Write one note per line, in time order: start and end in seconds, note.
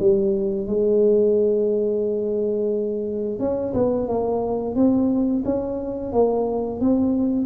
0.00 0.67 G3
0.67 3.39 G#3
3.39 3.73 C#4
3.74 4.08 B3
4.08 4.75 A#3
4.75 5.44 C4
5.45 6.13 C#4
6.13 6.81 A#3
6.81 7.46 C4